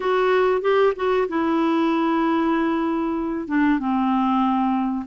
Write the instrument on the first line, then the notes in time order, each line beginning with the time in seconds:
clarinet
0.00 F#4
0.61 G4
0.96 F#4
1.28 E4
3.47 D4
3.79 C4